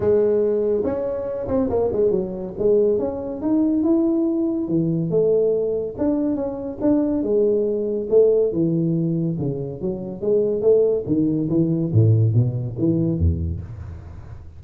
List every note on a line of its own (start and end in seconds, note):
0.00 0.83 G#3
0.84 1.47 C#4
1.48 1.69 C4
1.69 1.91 A#3
1.92 2.11 G#3
2.11 2.53 F#3
2.58 2.98 G#3
2.98 3.41 C#4
3.41 3.83 D#4
3.83 4.68 E4
4.68 5.10 E3
5.10 5.95 A3
5.97 6.35 D4
6.35 6.78 C#4
6.81 7.22 D4
7.22 8.07 G#3
8.09 8.52 A3
8.52 9.37 E3
9.38 9.81 C#3
9.81 10.21 F#3
10.21 10.61 G#3
10.61 11.04 A3
11.06 11.48 D#3
11.49 11.91 E3
11.92 12.33 A2
12.33 12.76 B2
12.78 13.18 E3
13.18 13.61 E2